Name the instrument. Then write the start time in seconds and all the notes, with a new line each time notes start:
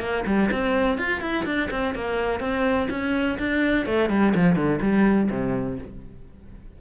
cello
0.00 A#3
0.26 G3
0.52 C4
0.98 F4
1.21 E4
1.45 D4
1.71 C4
1.95 A#3
2.40 C4
2.90 C#4
3.39 D4
3.86 A3
4.10 G3
4.35 F3
4.56 D3
4.81 G3
5.30 C3